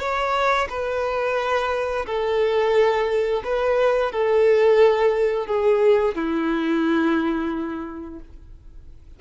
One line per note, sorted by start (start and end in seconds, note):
0.00 0.68 C#5
0.69 2.06 B4
2.06 3.43 A4
3.44 4.12 B4
4.12 5.47 A4
5.47 6.15 G#4
6.15 8.20 E4